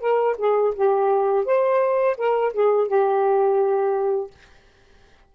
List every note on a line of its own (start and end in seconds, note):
0.00 0.36 A#4
0.38 0.74 G#4
0.75 1.45 G4
1.45 2.17 C5
2.17 2.53 A#4
2.53 2.88 G#4
2.88 4.31 G4